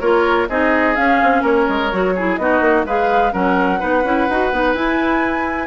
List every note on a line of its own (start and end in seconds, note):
0.00 0.47 A#3
0.00 0.48 F4
0.00 0.48 A#4
0.00 0.48 C#5
0.49 0.96 C4
0.49 0.96 D#4
0.49 1.42 G#4
0.49 0.95 D#5
0.95 1.90 C#4
0.95 1.21 C#4
0.95 1.42 F5
1.23 1.42 C4
1.42 1.66 A#3
1.42 2.13 A#4
1.42 2.36 C#5
1.68 1.92 G#3
1.91 2.38 F#3
1.91 2.15 F#4
2.15 2.39 E4
2.15 2.39 G#4
2.36 2.60 B3
2.36 2.86 D#4
2.36 2.86 F#4
2.36 2.84 D#5
2.60 2.84 A#3
2.85 3.32 G#3
2.85 3.31 G#4
2.85 3.33 B4
2.85 3.33 F5
3.31 3.81 F#3
3.31 3.79 C#4
3.31 3.79 A#4
3.31 4.74 F#5
3.79 4.04 B3
3.79 4.02 D#4
3.79 5.66 B4
4.04 4.27 C#4
4.04 4.28 E4
4.29 4.52 D#4
4.29 4.52 F#4
4.52 4.74 B3
4.52 4.75 D#4
4.74 5.66 E4
4.74 5.66 G#5